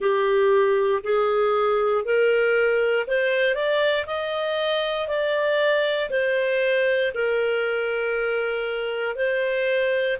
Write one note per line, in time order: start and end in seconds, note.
0.00 1.02 G4
1.03 2.04 G#4
2.04 3.06 A#4
3.07 3.55 C5
3.55 4.05 D5
4.06 5.08 D#5
5.08 6.09 D5
6.10 7.11 C5
7.14 9.15 A#4
9.15 10.17 C5